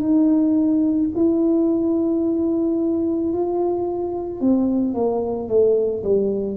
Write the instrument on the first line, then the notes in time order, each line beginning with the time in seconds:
tuba
0.00 D#4
1.16 E4
3.33 F4
4.40 C4
4.94 A#3
5.48 A3
6.03 G3